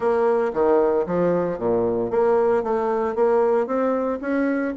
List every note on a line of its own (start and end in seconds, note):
0.00 0.51 A#3
0.53 1.06 D#3
1.06 1.58 F3
1.58 2.10 A#2
2.10 2.63 A#3
2.63 3.15 A3
3.15 3.66 A#3
3.66 4.19 C4
4.21 4.73 C#4